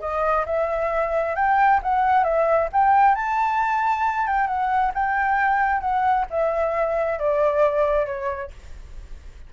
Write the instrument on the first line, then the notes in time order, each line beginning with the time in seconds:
flute
0.00 D#5
0.46 E5
1.36 G5
1.82 F#5
2.24 E5
2.72 G5
3.15 A5
4.27 G5
4.47 F#5
4.94 G5
5.81 F#5
6.30 E5
7.19 D5
8.06 C#5